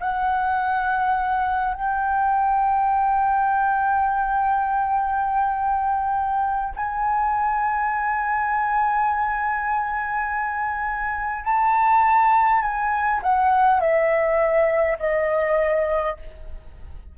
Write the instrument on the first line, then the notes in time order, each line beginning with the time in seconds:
flute
0.00 F#5
1.74 G5
6.76 G#5
11.44 A5
12.62 G#5
13.22 F#5
13.80 E5
14.99 D#5